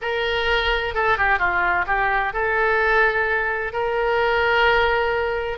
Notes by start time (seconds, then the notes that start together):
0.01 A#4
0.94 A4
1.17 G4
1.38 F4
1.86 G4
2.33 A4
3.73 A#4